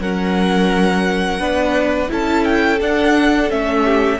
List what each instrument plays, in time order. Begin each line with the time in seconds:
0.00 cello F#3, viola C#4, violin A#4 F#5
1.39 cello B3, viola D4, violin B4
2.09 cello C#4, viola E4, violin A4 A5
2.45 violin G5
2.81 cello D4, viola D4, violin F#5
3.50 cello A3, viola C#4, violin E5
3.84 violin G4